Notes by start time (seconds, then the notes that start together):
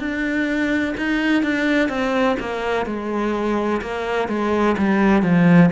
0.00 D4
0.97 D#4
1.43 D4
1.89 C4
2.40 A#3
2.86 G#3
3.82 A#3
4.29 G#3
4.77 G3
5.23 F3